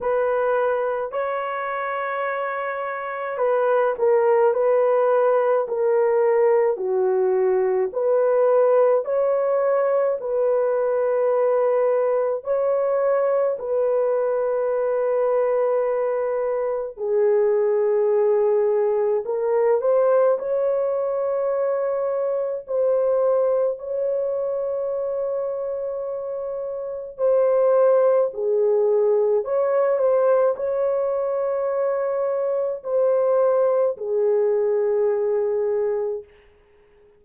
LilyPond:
\new Staff \with { instrumentName = "horn" } { \time 4/4 \tempo 4 = 53 b'4 cis''2 b'8 ais'8 | b'4 ais'4 fis'4 b'4 | cis''4 b'2 cis''4 | b'2. gis'4~ |
gis'4 ais'8 c''8 cis''2 | c''4 cis''2. | c''4 gis'4 cis''8 c''8 cis''4~ | cis''4 c''4 gis'2 | }